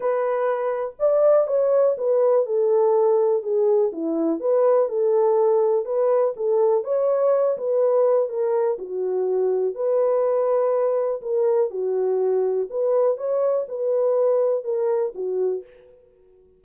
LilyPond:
\new Staff \with { instrumentName = "horn" } { \time 4/4 \tempo 4 = 123 b'2 d''4 cis''4 | b'4 a'2 gis'4 | e'4 b'4 a'2 | b'4 a'4 cis''4. b'8~ |
b'4 ais'4 fis'2 | b'2. ais'4 | fis'2 b'4 cis''4 | b'2 ais'4 fis'4 | }